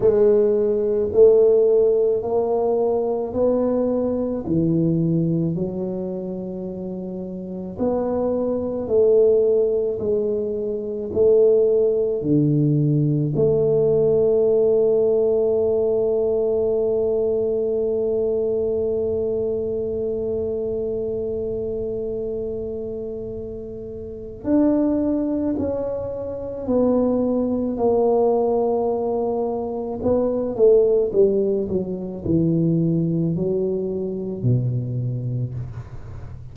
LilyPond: \new Staff \with { instrumentName = "tuba" } { \time 4/4 \tempo 4 = 54 gis4 a4 ais4 b4 | e4 fis2 b4 | a4 gis4 a4 d4 | a1~ |
a1~ | a2 d'4 cis'4 | b4 ais2 b8 a8 | g8 fis8 e4 fis4 b,4 | }